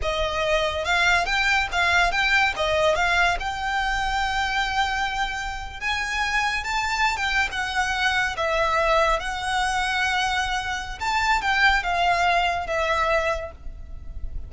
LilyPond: \new Staff \with { instrumentName = "violin" } { \time 4/4 \tempo 4 = 142 dis''2 f''4 g''4 | f''4 g''4 dis''4 f''4 | g''1~ | g''4.~ g''16 gis''2 a''16~ |
a''4 g''8. fis''2 e''16~ | e''4.~ e''16 fis''2~ fis''16~ | fis''2 a''4 g''4 | f''2 e''2 | }